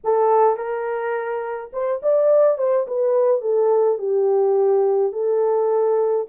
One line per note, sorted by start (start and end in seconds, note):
0.03 0.56 A4
0.56 1.71 A#4
1.72 2.01 C5
2.02 2.58 D5
2.58 2.86 C5
2.87 3.41 B4
3.41 3.98 A4
3.98 5.12 G4
5.12 6.26 A4